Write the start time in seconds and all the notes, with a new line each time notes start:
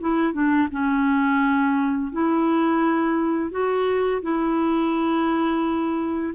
0.00 E4
0.33 D4
0.71 C#4
2.12 E4
3.51 F#4
4.22 E4